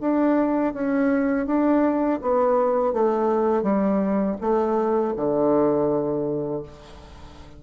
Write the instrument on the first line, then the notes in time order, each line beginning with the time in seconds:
bassoon
0.00 D4
0.73 C#4
1.46 D4
2.22 B3
2.93 A3
3.63 G3
4.41 A3
5.16 D3